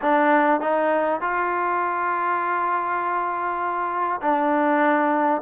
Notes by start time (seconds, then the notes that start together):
0.01 D4
0.60 D#4
1.21 F4
4.21 D4